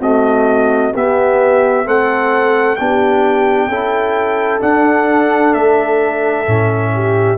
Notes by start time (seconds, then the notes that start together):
0.00 A3 C4 F#4 D#5
0.94 B3 G4 E5
1.85 A3 C4 A4 F#5
2.76 B3 D4 G4 G5
3.68 C#4 E4 A4
4.61 D4 F#5
5.54 A3 E5
6.46 A2 C#4
6.95 G4